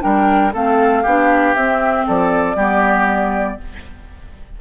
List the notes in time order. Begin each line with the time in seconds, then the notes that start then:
0.00 G3 D4 A#4 G5
0.53 A3 C4 A4 F5
1.02 B3 D4 G4
1.55 C4 E5
2.07 F3 A4 D5
2.55 G3 B3 G4